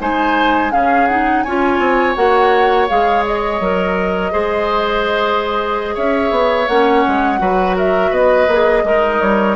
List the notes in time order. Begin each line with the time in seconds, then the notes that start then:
0.00 G#3 D#4 C5 G#5
0.72 C#3 C#4 G#4 F5
1.07 D#4 F#5
1.43 C#4 F4 C#5 G#5
1.79 C4
2.15 A#3 F#4 F#5
2.88 G#3 G#4 F5
3.26 D#5
3.60 F#3 A#4
4.32 G#3 G#4 C5
5.95 C#4 C#5 E5
6.31 B3
6.68 A#3 C#4 F#5
7.08 G#3
7.39 F#3 F#4 B4
7.76 A#4 E5
8.11 B3 B4 D#5
8.48 A#3 G#4
8.84 G#3 D#4 A#4
9.21 G3 C#5